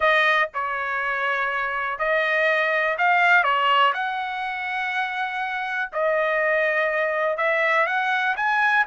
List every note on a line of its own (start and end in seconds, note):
0.00 0.49 D#5
0.54 1.99 C#5
1.99 2.97 D#5
2.98 3.43 F5
3.43 3.93 C#5
3.93 5.90 F#5
5.92 7.37 D#5
7.37 7.86 E5
7.86 8.35 F#5
8.36 8.85 G#5